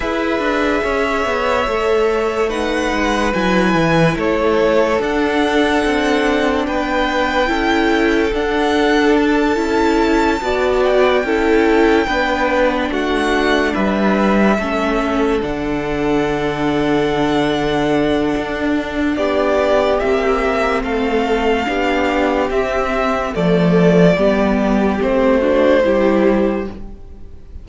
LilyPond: <<
  \new Staff \with { instrumentName = "violin" } { \time 4/4 \tempo 4 = 72 e''2. fis''4 | gis''4 cis''4 fis''2 | g''2 fis''4 a''4~ | a''4 g''2~ g''8 fis''8~ |
fis''8 e''2 fis''4.~ | fis''2. d''4 | e''4 f''2 e''4 | d''2 c''2 | }
  \new Staff \with { instrumentName = "violin" } { \time 4/4 b'4 cis''2 b'4~ | b'4 a'2. | b'4 a'2.~ | a'8 d''4 a'4 b'4 fis'8~ |
fis'8 b'4 a'2~ a'8~ | a'2. g'4~ | g'4 a'4 g'2 | a'4 g'4. fis'8 g'4 | }
  \new Staff \with { instrumentName = "viola" } { \time 4/4 gis'2 a'4 dis'4 | e'2 d'2~ | d'4 e'4 d'4. e'8~ | e'8 fis'4 e'4 d'4.~ |
d'4. cis'4 d'4.~ | d'1 | c'2 d'4 c'4 | a4 b4 c'8 d'8 e'4 | }
  \new Staff \with { instrumentName = "cello" } { \time 4/4 e'8 d'8 cis'8 b8 a4. gis8 | fis8 e8 a4 d'4 c'4 | b4 cis'4 d'4. cis'8~ | cis'8 b4 cis'4 b4 a8~ |
a8 g4 a4 d4.~ | d2 d'4 b4 | ais4 a4 b4 c'4 | f4 g4 a4 g4 | }
>>